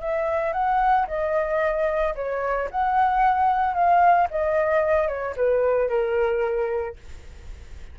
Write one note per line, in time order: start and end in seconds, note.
0.00 0.53 E5
0.53 1.06 F#5
1.07 2.14 D#5
2.15 2.69 C#5
2.71 3.74 F#5
3.74 4.27 F5
4.30 5.08 D#5
5.08 5.35 C#5
5.36 5.89 B4
5.89 6.96 A#4